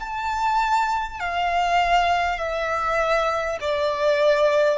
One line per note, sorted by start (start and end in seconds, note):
0.00 1.20 A5
1.20 2.38 F5
2.38 3.58 E5
3.61 4.78 D5